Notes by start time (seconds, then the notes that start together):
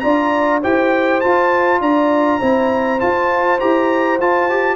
0.00 D4 F4 D5 A#5
0.61 E4 G4 C5 G5
1.21 F4 A5
1.80 D4 D5 A#5
2.40 C4 E4 C5
2.99 F4 A5
3.60 E4 G4 A#5
4.20 F4 A5
4.50 G4